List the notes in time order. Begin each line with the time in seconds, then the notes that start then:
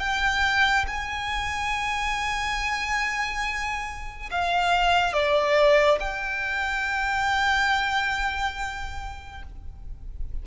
0.00 G5
0.87 G#5
4.31 F5
5.14 D5
6.00 G5